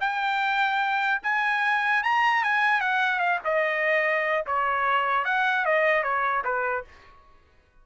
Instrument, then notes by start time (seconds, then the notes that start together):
trumpet
0.00 G5
1.22 G#5
2.03 A#5
2.43 G#5
2.80 F#5
3.19 F5
3.44 D#5
4.46 C#5
5.24 F#5
5.65 D#5
6.03 C#5
6.44 B4